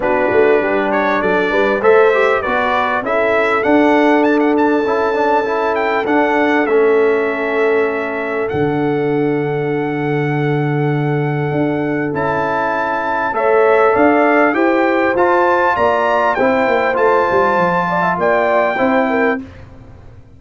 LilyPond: <<
  \new Staff \with { instrumentName = "trumpet" } { \time 4/4 \tempo 4 = 99 b'4. cis''8 d''4 e''4 | d''4 e''4 fis''4 a''16 fis''16 a''8~ | a''4. g''8 fis''4 e''4~ | e''2 fis''2~ |
fis''1 | a''2 e''4 f''4 | g''4 a''4 ais''4 g''4 | a''2 g''2 | }
  \new Staff \with { instrumentName = "horn" } { \time 4/4 fis'4 g'4 a'8 b'8 c''4 | b'4 a'2.~ | a'1~ | a'1~ |
a'1~ | a'2 cis''4 d''4 | c''2 d''4 c''4~ | c''4. d''16 e''16 d''4 c''8 ais'8 | }
  \new Staff \with { instrumentName = "trombone" } { \time 4/4 d'2. a'8 g'8 | fis'4 e'4 d'2 | e'8 d'8 e'4 d'4 cis'4~ | cis'2 d'2~ |
d'1 | e'2 a'2 | g'4 f'2 e'4 | f'2. e'4 | }
  \new Staff \with { instrumentName = "tuba" } { \time 4/4 b8 a8 g4 fis8 g8 a4 | b4 cis'4 d'2 | cis'2 d'4 a4~ | a2 d2~ |
d2. d'4 | cis'2 a4 d'4 | e'4 f'4 ais4 c'8 ais8 | a8 g8 f4 ais4 c'4 | }
>>